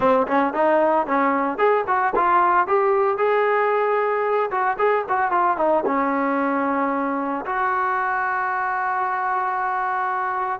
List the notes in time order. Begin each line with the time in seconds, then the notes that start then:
0.00 C4
0.27 C#4
0.53 D#4
1.06 C#4
1.57 G#4
1.87 F#4
2.15 F4
2.67 G4
3.17 G#4
4.50 F#4
4.78 G#4
5.08 F#4
5.31 F4
5.57 D#4
5.86 C#4
7.45 F#4